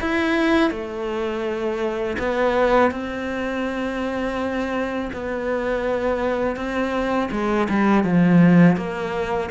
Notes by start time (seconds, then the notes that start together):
0.00 E4
0.70 A3
2.18 B3
2.91 C4
5.13 B3
6.56 C4
7.31 G#3
7.69 G3
8.04 F3
8.76 A#3